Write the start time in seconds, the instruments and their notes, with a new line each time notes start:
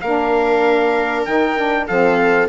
0.00 bassoon A#3, saxophone D4, viola A#4, trumpet F5
1.24 bassoon D#3, saxophone D#4, trumpet G5
1.57 saxophone D4
1.87 bassoon F3, saxophone C4, viola A4, trumpet F5